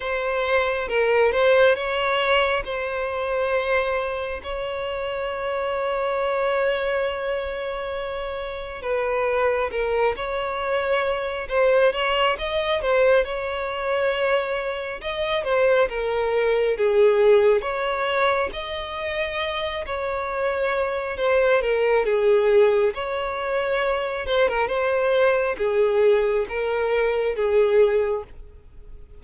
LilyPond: \new Staff \with { instrumentName = "violin" } { \time 4/4 \tempo 4 = 68 c''4 ais'8 c''8 cis''4 c''4~ | c''4 cis''2.~ | cis''2 b'4 ais'8 cis''8~ | cis''4 c''8 cis''8 dis''8 c''8 cis''4~ |
cis''4 dis''8 c''8 ais'4 gis'4 | cis''4 dis''4. cis''4. | c''8 ais'8 gis'4 cis''4. c''16 ais'16 | c''4 gis'4 ais'4 gis'4 | }